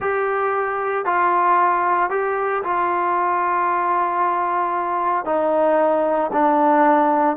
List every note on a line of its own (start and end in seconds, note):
0.00 1.05 G4
1.05 2.10 F4
2.10 2.62 G4
2.63 5.25 F4
5.25 6.30 D#4
6.32 7.36 D4